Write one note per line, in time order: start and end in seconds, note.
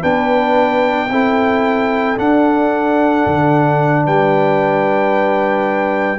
0.00 1.11 B3
0.00 1.09 D4
0.00 1.07 B4
0.00 2.18 G5
1.11 2.18 C4
1.11 2.16 E4
1.11 4.05 A4
2.16 6.18 D4
2.16 3.25 D4
2.16 4.07 F#5
3.26 4.07 D3
4.05 6.19 G3
4.05 6.19 B4
4.05 6.19 G5